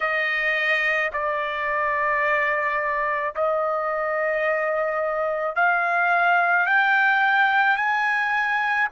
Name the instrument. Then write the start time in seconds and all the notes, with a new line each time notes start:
trumpet
0.00 D#5
1.12 D5
3.35 D#5
5.56 F5
6.66 G5
7.76 G#5